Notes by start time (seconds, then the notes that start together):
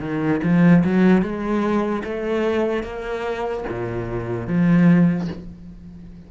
0.00 D#3
0.43 F3
0.84 F#3
1.22 G#3
2.04 A3
2.83 A#3
3.69 A#2
4.47 F3